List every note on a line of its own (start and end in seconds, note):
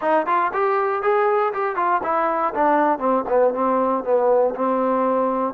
0.01 0.26 D#4
0.26 0.51 F4
0.53 1.02 G4
1.02 1.52 G#4
1.53 1.76 G4
1.76 2.01 F4
2.03 2.53 E4
2.54 2.99 D4
2.99 3.24 C4
3.28 3.54 B3
3.54 4.04 C4
4.04 4.54 B3
4.55 5.54 C4